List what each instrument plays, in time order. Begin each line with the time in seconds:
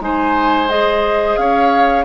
0.00 bassoon G#3, clarinet D#4, oboe C5, flute G#5
0.69 clarinet G#4, flute D#5
1.37 bassoon C#4, oboe C#5, flute F5